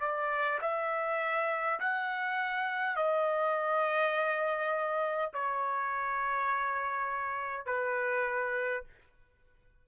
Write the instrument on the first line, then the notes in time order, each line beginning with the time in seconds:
trumpet
0.00 D5
0.61 E5
1.80 F#5
2.96 D#5
5.33 C#5
7.66 B4